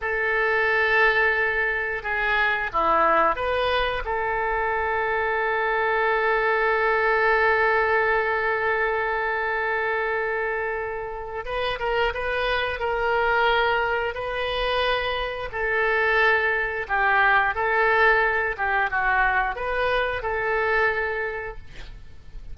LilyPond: \new Staff \with { instrumentName = "oboe" } { \time 4/4 \tempo 4 = 89 a'2. gis'4 | e'4 b'4 a'2~ | a'1~ | a'1~ |
a'4 b'8 ais'8 b'4 ais'4~ | ais'4 b'2 a'4~ | a'4 g'4 a'4. g'8 | fis'4 b'4 a'2 | }